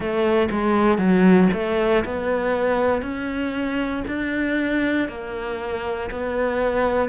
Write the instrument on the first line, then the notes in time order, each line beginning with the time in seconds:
cello
0.00 A3
0.50 G#3
0.98 F#3
1.53 A3
2.04 B3
3.02 C#4
4.07 D4
5.08 A#3
6.10 B3